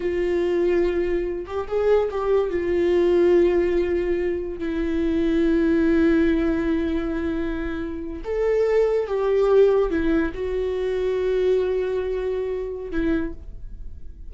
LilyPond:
\new Staff \with { instrumentName = "viola" } { \time 4/4 \tempo 4 = 144 f'2.~ f'8 g'8 | gis'4 g'4 f'2~ | f'2. e'4~ | e'1~ |
e'2.~ e'8. a'16~ | a'4.~ a'16 g'2 e'16~ | e'8. fis'2.~ fis'16~ | fis'2. e'4 | }